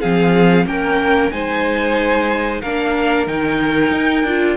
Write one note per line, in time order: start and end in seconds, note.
0.00 0.66 F3
0.00 0.66 C4
0.00 0.65 G#4
0.00 0.66 F5
0.66 1.31 A#3
0.66 1.31 C#4
0.66 1.32 A#4
0.66 1.31 G5
1.31 2.62 G#3
1.31 2.62 D#4
1.31 2.61 C5
1.31 2.61 G#5
2.61 3.26 A#3
2.61 3.27 D4
2.61 4.57 A#4
2.61 3.26 F5
3.26 3.91 D#3
3.26 4.25 D#4
3.26 4.57 G5
3.91 4.24 D#4
4.24 4.56 D4
4.24 4.57 F4